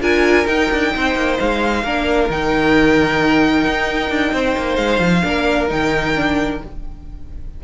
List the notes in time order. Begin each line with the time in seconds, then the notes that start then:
0.00 D4 F4 A#4 G#5
0.46 D#4 G5
0.71 D4
0.95 C4 C5
1.15 A#3
1.39 G#3 F5
1.83 A#3 D4 A#4
2.29 D#3 D#4 G5
3.66 D#4
4.09 D4
4.32 C4 C5
4.57 A#3
4.76 G#3 F5
4.99 F3
5.23 A#3 D4 A#4
5.68 D#3 D#4 G5
6.16 D4